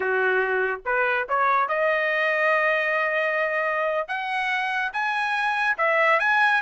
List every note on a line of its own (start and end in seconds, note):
0.00 0.81 F#4
0.85 1.27 B4
1.29 1.68 C#5
1.68 4.08 D#5
4.08 4.92 F#5
4.92 5.76 G#5
5.77 6.19 E5
6.19 6.61 G#5